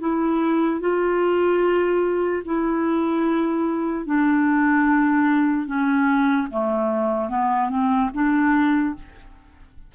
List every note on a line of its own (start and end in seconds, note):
0.00 0.80 E4
0.80 2.43 F4
2.45 4.06 E4
4.06 5.66 D4
5.66 6.48 C#4
6.50 7.29 A3
7.29 7.69 B3
7.70 8.10 C4
8.13 8.94 D4